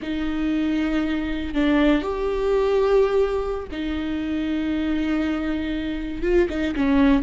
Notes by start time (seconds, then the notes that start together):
0.02 D#4
1.53 D4
2.02 G4
3.71 D#4
6.22 F4
6.49 D#4
6.75 C#4